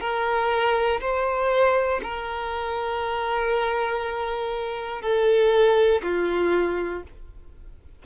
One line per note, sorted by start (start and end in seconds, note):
0.00 1.00 A#4
1.00 2.00 C5
2.03 5.02 A#4
5.02 6.02 A4
6.02 7.02 F4